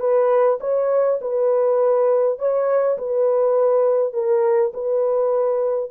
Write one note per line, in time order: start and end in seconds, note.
0.00 0.59 B4
0.60 1.19 C#5
1.21 2.39 B4
2.39 2.97 C#5
2.98 4.13 B4
4.13 4.72 A#4
4.73 5.90 B4